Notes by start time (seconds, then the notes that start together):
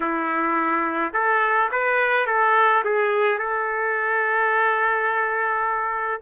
0.00 E4
1.13 A4
1.71 B4
2.26 A4
2.84 G#4
3.38 A4